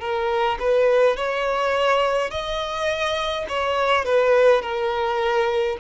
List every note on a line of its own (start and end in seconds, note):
0.00 0.58 A#4
0.59 1.16 B4
1.16 2.30 C#5
2.30 3.46 D#5
3.48 4.05 C#5
4.05 4.62 B4
4.62 5.77 A#4